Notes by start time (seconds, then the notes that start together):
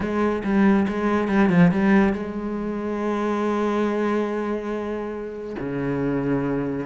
0.00 G#3
0.44 G3
0.87 G#3
1.28 G3
1.49 F3
1.71 G3
2.13 G#3
5.59 C#3